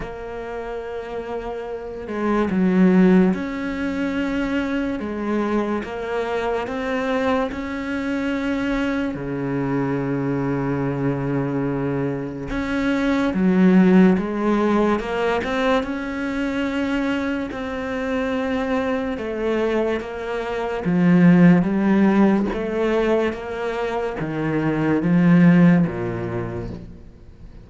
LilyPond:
\new Staff \with { instrumentName = "cello" } { \time 4/4 \tempo 4 = 72 ais2~ ais8 gis8 fis4 | cis'2 gis4 ais4 | c'4 cis'2 cis4~ | cis2. cis'4 |
fis4 gis4 ais8 c'8 cis'4~ | cis'4 c'2 a4 | ais4 f4 g4 a4 | ais4 dis4 f4 ais,4 | }